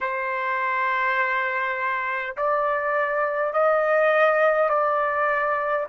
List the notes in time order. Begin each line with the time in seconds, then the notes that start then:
0.01 C5
2.36 D5
3.53 D#5
4.69 D5